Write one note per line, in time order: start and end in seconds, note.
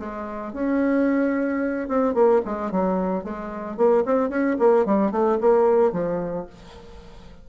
0.00 0.54 G#3
0.54 1.89 C#4
1.89 2.14 C4
2.14 2.42 A#3
2.45 2.72 G#3
2.72 3.24 F#3
3.24 3.77 G#3
3.77 4.04 A#3
4.06 4.30 C4
4.30 4.57 C#4
4.60 4.86 A#3
4.86 5.12 G3
5.12 5.39 A3
5.41 5.93 A#3
5.93 6.47 F3